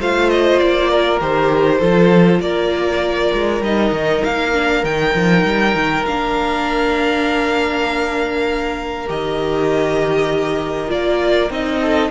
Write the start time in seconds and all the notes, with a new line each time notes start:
0.00 A3 F4 C5 F5
0.30 D#5
0.59 A#3 D5
0.91 A#4
1.20 D#3 G4 C5
1.79 F3 F4 A4
2.40 A#3 A#4 D5
3.34 G#3
3.61 G3 D#4 D#5
3.92 D#3
4.24 A#3 F5
4.54 D4
4.84 D#3 D#4 G5
5.15 F3
5.45 G3
5.76 D#3
6.06 A#3 D4 F5
9.08 D#3 G4 D#5
10.89 A#3 F4 D5
11.50 C4 D#4 D#5
11.81 A4